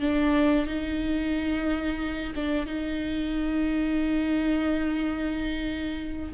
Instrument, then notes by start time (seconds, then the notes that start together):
viola
0.00 D4
0.66 D#4
2.35 D4
2.66 D#4